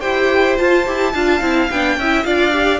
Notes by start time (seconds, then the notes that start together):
0.00 E4 G4 C5 G5
0.57 F4 A5
0.86 E4 G4
1.14 D4 F4 F5
1.40 C4 E4
1.70 B3 D4 G5
1.97 C#4 E4 E5
2.23 D4 F4 D5 F5
2.52 G4